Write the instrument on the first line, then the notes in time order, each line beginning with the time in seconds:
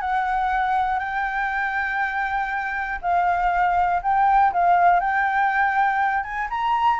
flute
0.00 F#5
0.99 G5
3.01 F5
4.02 G5
4.52 F5
5.00 G5
6.23 G#5
6.50 A#5